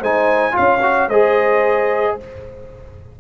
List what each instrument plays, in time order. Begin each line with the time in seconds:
0.00 tuba G#3, trombone D#4, horn C5, trumpet G#5
0.52 trombone F4, horn C#5, trumpet F5
0.58 tuba C#4
0.83 trombone F#4
1.08 tuba G#3, trombone G#4, horn C5, trumpet D#5